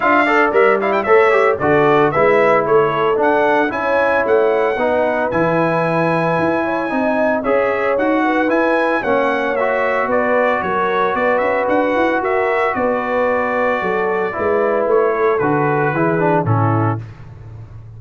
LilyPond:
<<
  \new Staff \with { instrumentName = "trumpet" } { \time 4/4 \tempo 4 = 113 f''4 e''8 f''16 g''16 e''4 d''4 | e''4 cis''4 fis''4 gis''4 | fis''2 gis''2~ | gis''2 e''4 fis''4 |
gis''4 fis''4 e''4 d''4 | cis''4 d''8 e''8 fis''4 e''4 | d''1 | cis''4 b'2 a'4 | }
  \new Staff \with { instrumentName = "horn" } { \time 4/4 e''8 d''4. cis''4 a'4 | b'4 a'2 cis''4~ | cis''4 b'2.~ | b'8 cis''8 dis''4 cis''4. b'8~ |
b'4 cis''2 b'4 | ais'4 b'2 ais'4 | b'2 a'4 b'4~ | b'8 a'4. gis'4 e'4 | }
  \new Staff \with { instrumentName = "trombone" } { \time 4/4 f'8 a'8 ais'8 e'8 a'8 g'8 fis'4 | e'2 d'4 e'4~ | e'4 dis'4 e'2~ | e'4 dis'4 gis'4 fis'4 |
e'4 cis'4 fis'2~ | fis'1~ | fis'2. e'4~ | e'4 fis'4 e'8 d'8 cis'4 | }
  \new Staff \with { instrumentName = "tuba" } { \time 4/4 d'4 g4 a4 d4 | gis4 a4 d'4 cis'4 | a4 b4 e2 | e'4 c'4 cis'4 dis'4 |
e'4 ais2 b4 | fis4 b8 cis'8 d'8 e'8 fis'4 | b2 fis4 gis4 | a4 d4 e4 a,4 | }
>>